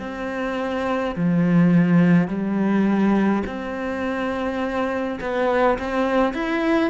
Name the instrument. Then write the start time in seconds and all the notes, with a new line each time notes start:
cello
0.00 C4
1.16 F3
2.28 G3
3.47 C4
5.21 B3
5.79 C4
6.34 E4